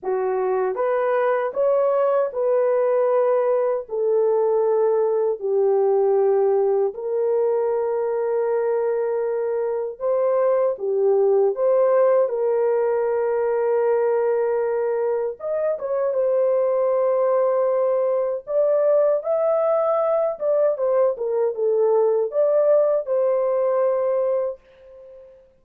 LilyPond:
\new Staff \with { instrumentName = "horn" } { \time 4/4 \tempo 4 = 78 fis'4 b'4 cis''4 b'4~ | b'4 a'2 g'4~ | g'4 ais'2.~ | ais'4 c''4 g'4 c''4 |
ais'1 | dis''8 cis''8 c''2. | d''4 e''4. d''8 c''8 ais'8 | a'4 d''4 c''2 | }